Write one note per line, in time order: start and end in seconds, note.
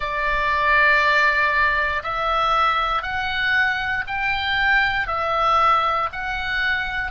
0.00 2.02 D5
2.03 3.02 E5
3.02 4.04 F#5
4.07 5.07 G5
5.07 6.09 E5
6.12 7.11 F#5